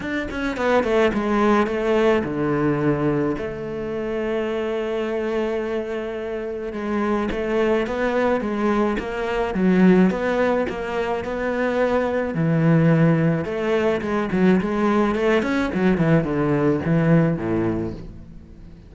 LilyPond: \new Staff \with { instrumentName = "cello" } { \time 4/4 \tempo 4 = 107 d'8 cis'8 b8 a8 gis4 a4 | d2 a2~ | a1 | gis4 a4 b4 gis4 |
ais4 fis4 b4 ais4 | b2 e2 | a4 gis8 fis8 gis4 a8 cis'8 | fis8 e8 d4 e4 a,4 | }